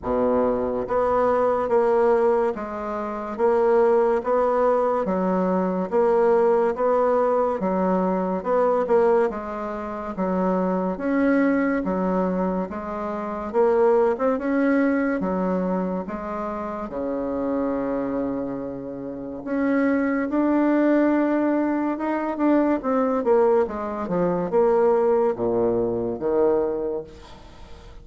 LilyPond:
\new Staff \with { instrumentName = "bassoon" } { \time 4/4 \tempo 4 = 71 b,4 b4 ais4 gis4 | ais4 b4 fis4 ais4 | b4 fis4 b8 ais8 gis4 | fis4 cis'4 fis4 gis4 |
ais8. c'16 cis'4 fis4 gis4 | cis2. cis'4 | d'2 dis'8 d'8 c'8 ais8 | gis8 f8 ais4 ais,4 dis4 | }